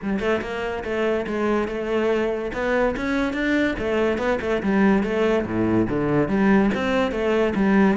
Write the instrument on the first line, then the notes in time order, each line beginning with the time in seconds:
cello
0.02 G3
0.19 A3
0.41 A#3
0.84 A3
1.26 G#3
1.67 A3
2.53 B3
2.96 C#4
3.33 D4
3.78 A3
4.17 B3
4.41 A3
4.62 G3
5.03 A3
5.45 A2
5.89 D3
6.28 G3
6.74 C4
7.11 A3
7.55 G3